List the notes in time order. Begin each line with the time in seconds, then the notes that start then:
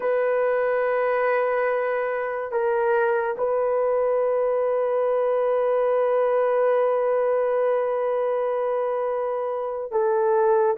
0.00 B4
2.51 A#4
3.37 B4
9.91 A4